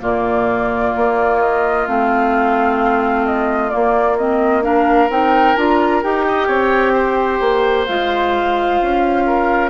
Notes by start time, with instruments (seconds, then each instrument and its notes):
0.00 bassoon A#2, clarinet A#3, oboe F4, flute D5
0.96 bassoon A#3
1.41 flute D#5
1.87 bassoon A3, clarinet C4, flute F5
3.26 flute D#5
3.70 clarinet A#3, bassoon A#3, flute D5
4.17 clarinet C4, flute D#5
4.62 clarinet D4, oboe A#4, flute F5
5.09 bassoon C4, clarinet D#4, flute G5
5.56 bassoon D4, clarinet F4, flute A#5
6.02 bassoon D#4, clarinet G4, flute G5
6.28 oboe D#5
6.47 bassoon C4, oboe C#5
6.93 oboe C5
7.40 bassoon A#3
7.85 bassoon G#3, clarinet F4, flute F5
8.81 bassoon C#4
9.26 oboe A#4